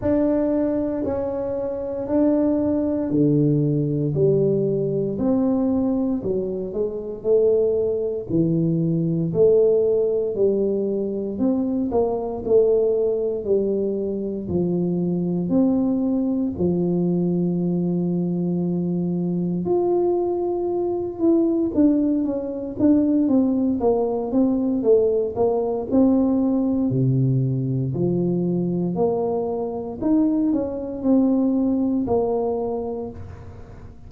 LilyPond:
\new Staff \with { instrumentName = "tuba" } { \time 4/4 \tempo 4 = 58 d'4 cis'4 d'4 d4 | g4 c'4 fis8 gis8 a4 | e4 a4 g4 c'8 ais8 | a4 g4 f4 c'4 |
f2. f'4~ | f'8 e'8 d'8 cis'8 d'8 c'8 ais8 c'8 | a8 ais8 c'4 c4 f4 | ais4 dis'8 cis'8 c'4 ais4 | }